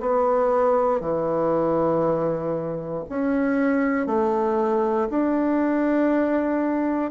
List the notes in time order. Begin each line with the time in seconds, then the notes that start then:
0.00 B3
1.00 E3
3.09 C#4
4.06 A3
5.10 D4